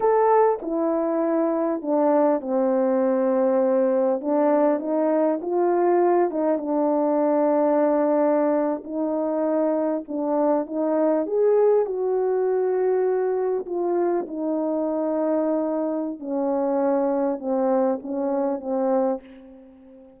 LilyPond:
\new Staff \with { instrumentName = "horn" } { \time 4/4 \tempo 4 = 100 a'4 e'2 d'4 | c'2. d'4 | dis'4 f'4. dis'8 d'4~ | d'2~ d'8. dis'4~ dis'16~ |
dis'8. d'4 dis'4 gis'4 fis'16~ | fis'2~ fis'8. f'4 dis'16~ | dis'2. cis'4~ | cis'4 c'4 cis'4 c'4 | }